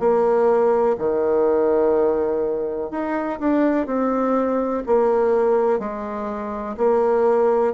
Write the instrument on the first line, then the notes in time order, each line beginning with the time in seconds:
bassoon
0.00 A#3
0.99 D#3
2.92 D#4
3.40 D4
3.87 C4
4.87 A#3
5.80 G#3
6.77 A#3